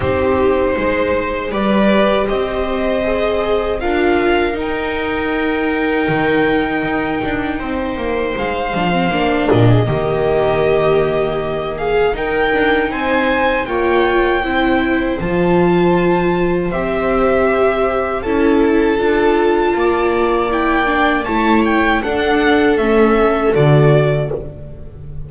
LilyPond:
<<
  \new Staff \with { instrumentName = "violin" } { \time 4/4 \tempo 4 = 79 c''2 d''4 dis''4~ | dis''4 f''4 g''2~ | g''2. f''4~ | f''8 dis''2. f''8 |
g''4 gis''4 g''2 | a''2 e''2 | a''2. g''4 | a''8 g''8 fis''4 e''4 d''4 | }
  \new Staff \with { instrumentName = "viola" } { \time 4/4 g'4 c''4 b'4 c''4~ | c''4 ais'2.~ | ais'2 c''2~ | c''8 ais'16 gis'16 g'2~ g'8 gis'8 |
ais'4 c''4 cis''4 c''4~ | c''1 | a'2 d''2 | cis''4 a'2. | }
  \new Staff \with { instrumentName = "viola" } { \time 4/4 dis'2 g'2 | gis'4 f'4 dis'2~ | dis'2.~ dis'8 d'16 c'16 | d'4 ais2. |
dis'2 f'4 e'4 | f'2 g'2 | e'4 f'2 e'8 d'8 | e'4 d'4 cis'4 fis'4 | }
  \new Staff \with { instrumentName = "double bass" } { \time 4/4 c'4 gis4 g4 c'4~ | c'4 d'4 dis'2 | dis4 dis'8 d'8 c'8 ais8 gis8 f8 | ais8 ais,8 dis2. |
dis'8 d'8 c'4 ais4 c'4 | f2 c'2 | cis'4 d'4 ais2 | a4 d'4 a4 d4 | }
>>